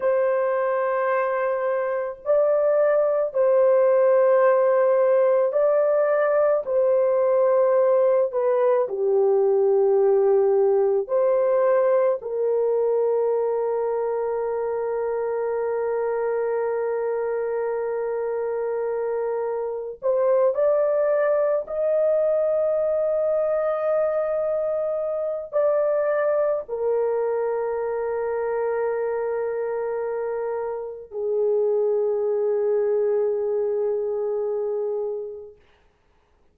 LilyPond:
\new Staff \with { instrumentName = "horn" } { \time 4/4 \tempo 4 = 54 c''2 d''4 c''4~ | c''4 d''4 c''4. b'8 | g'2 c''4 ais'4~ | ais'1~ |
ais'2 c''8 d''4 dis''8~ | dis''2. d''4 | ais'1 | gis'1 | }